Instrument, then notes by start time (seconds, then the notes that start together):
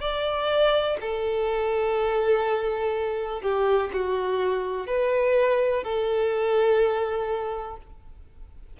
violin
0.00 D5
1.00 A4
3.41 G4
3.92 F#4
4.87 B4
5.83 A4